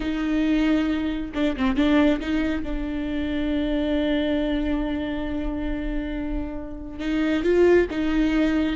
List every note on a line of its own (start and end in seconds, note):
0.00 1.31 D#4
1.34 1.56 D4
1.56 1.76 C4
1.76 2.20 D4
2.20 2.63 D#4
2.63 6.99 D4
6.99 7.43 D#4
7.43 7.87 F4
7.90 8.76 D#4